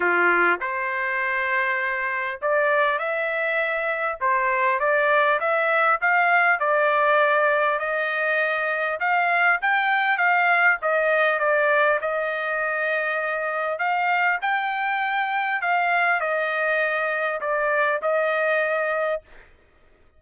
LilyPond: \new Staff \with { instrumentName = "trumpet" } { \time 4/4 \tempo 4 = 100 f'4 c''2. | d''4 e''2 c''4 | d''4 e''4 f''4 d''4~ | d''4 dis''2 f''4 |
g''4 f''4 dis''4 d''4 | dis''2. f''4 | g''2 f''4 dis''4~ | dis''4 d''4 dis''2 | }